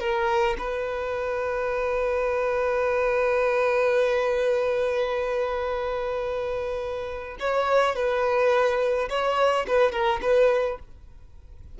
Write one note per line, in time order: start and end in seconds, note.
0.00 0.57 A#4
0.58 7.38 B4
7.39 7.95 C#5
7.95 9.08 B4
9.09 9.66 C#5
9.67 9.92 B4
9.92 10.20 A#4
10.21 10.78 B4